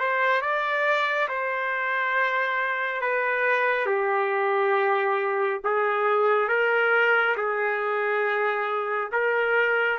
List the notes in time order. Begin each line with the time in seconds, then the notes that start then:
0.00 C5
0.41 D5
1.28 C5
3.01 B4
3.86 G4
5.64 G#4
6.49 A#4
7.37 G#4
9.12 A#4